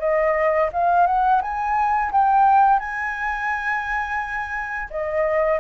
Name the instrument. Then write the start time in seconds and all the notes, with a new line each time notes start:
flute
0.00 D#5
0.73 F5
1.07 F#5
1.42 G#5
2.12 G5
2.79 G#5
4.90 D#5